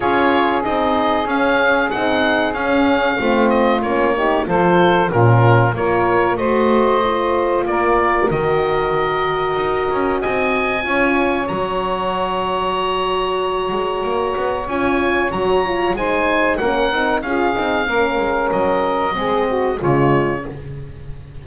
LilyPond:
<<
  \new Staff \with { instrumentName = "oboe" } { \time 4/4 \tempo 4 = 94 cis''4 dis''4 f''4 fis''4 | f''4. dis''8 cis''4 c''4 | ais'4 cis''4 dis''2 | d''4 dis''2. |
gis''2 ais''2~ | ais''2. gis''4 | ais''4 gis''4 fis''4 f''4~ | f''4 dis''2 cis''4 | }
  \new Staff \with { instrumentName = "saxophone" } { \time 4/4 gis'1~ | gis'4 f'4. g'8 a'4 | f'4 ais'4 c''2 | ais'1 |
dis''4 cis''2.~ | cis''1~ | cis''4 c''4 ais'4 gis'4 | ais'2 gis'8 fis'8 f'4 | }
  \new Staff \with { instrumentName = "horn" } { \time 4/4 f'4 dis'4 cis'4 dis'4 | cis'4 c'4 cis'8 dis'8 f'4 | cis'4 f'4 fis'4 f'4~ | f'4 fis'2.~ |
fis'4 f'4 fis'2~ | fis'2. f'4 | fis'8 f'8 dis'4 cis'8 dis'8 f'8 dis'8 | cis'2 c'4 gis4 | }
  \new Staff \with { instrumentName = "double bass" } { \time 4/4 cis'4 c'4 cis'4 c'4 | cis'4 a4 ais4 f4 | ais,4 ais4 a2 | ais4 dis2 dis'8 cis'8 |
c'4 cis'4 fis2~ | fis4. gis8 ais8 b8 cis'4 | fis4 gis4 ais8 c'8 cis'8 c'8 | ais8 gis8 fis4 gis4 cis4 | }
>>